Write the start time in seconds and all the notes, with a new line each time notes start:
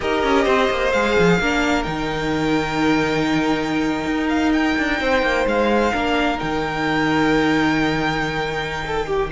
0.00 D#4 G4 A#4 D#5
0.23 C#4
0.44 C4 C5
0.70 A#3
0.92 G#3 G#4 F5
1.18 F3
1.39 A#3 D4 A#4
1.83 D#3 D#4 G5
4.06 D#4
4.28 F5
4.53 G5
4.77 D4
5.00 C4 C5
5.22 A#3
5.46 G#3 F5
5.92 A#3 D4 A#4
6.37 D#3 D#4 G5
8.86 A4
9.06 G4